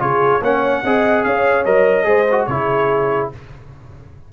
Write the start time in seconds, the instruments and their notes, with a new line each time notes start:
0.00 tuba C#3, trombone F4, horn G#4, trumpet C#5
0.41 tuba A#3, trombone C#4, horn C#5, trumpet F#5
0.84 tuba C4, trombone G#4, horn D#5
1.24 tuba C#4, horn C#5, trumpet F5
1.65 tuba F#3, trombone A#4, trumpet D#5
2.05 tuba G#3, trombone G#4, horn C5
2.31 trombone F#4
2.46 tuba C#3, trombone E4, horn G#4, trumpet C#5